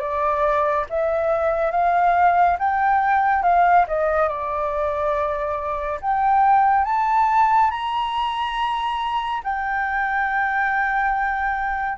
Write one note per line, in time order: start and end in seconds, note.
0.00 0.86 D5
0.90 1.72 E5
1.72 2.58 F5
2.59 3.43 G5
3.43 3.86 F5
3.88 4.29 D#5
4.29 6.00 D5
6.02 6.85 G5
6.85 7.71 A5
7.71 9.42 A#5
9.44 11.98 G5